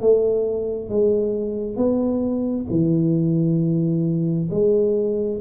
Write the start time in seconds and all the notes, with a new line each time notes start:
0.00 A3
0.89 G#3
1.76 B3
2.70 E3
4.50 G#3